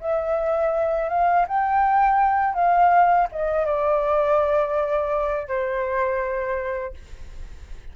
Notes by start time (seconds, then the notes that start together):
0.00 E5
1.09 F5
1.47 G5
2.54 F5
3.31 D#5
3.66 D5
5.47 C5